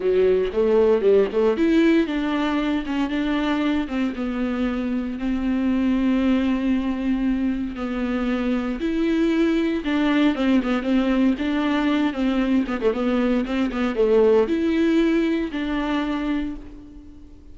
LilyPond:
\new Staff \with { instrumentName = "viola" } { \time 4/4 \tempo 4 = 116 fis4 a4 g8 a8 e'4 | d'4. cis'8 d'4. c'8 | b2 c'2~ | c'2. b4~ |
b4 e'2 d'4 | c'8 b8 c'4 d'4. c'8~ | c'8 b16 a16 b4 c'8 b8 a4 | e'2 d'2 | }